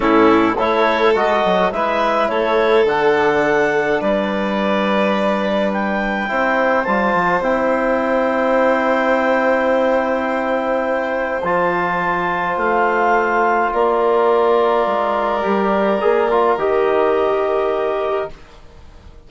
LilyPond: <<
  \new Staff \with { instrumentName = "clarinet" } { \time 4/4 \tempo 4 = 105 a'4 cis''4 dis''4 e''4 | cis''4 fis''2 d''4~ | d''2 g''2 | a''4 g''2.~ |
g''1 | a''2 f''2 | d''1~ | d''4 dis''2. | }
  \new Staff \with { instrumentName = "violin" } { \time 4/4 e'4 a'2 b'4 | a'2. b'4~ | b'2. c''4~ | c''1~ |
c''1~ | c''1 | ais'1~ | ais'1 | }
  \new Staff \with { instrumentName = "trombone" } { \time 4/4 cis'4 e'4 fis'4 e'4~ | e'4 d'2.~ | d'2. e'4 | f'4 e'2.~ |
e'1 | f'1~ | f'2. g'4 | gis'8 f'8 g'2. | }
  \new Staff \with { instrumentName = "bassoon" } { \time 4/4 a,4 a4 gis8 fis8 gis4 | a4 d2 g4~ | g2. c'4 | g8 f8 c'2.~ |
c'1 | f2 a2 | ais2 gis4 g4 | ais4 dis2. | }
>>